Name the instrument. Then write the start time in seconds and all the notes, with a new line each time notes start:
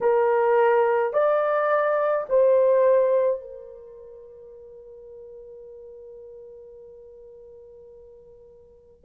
horn
0.00 A#4
1.13 D5
2.29 C5
3.40 A#4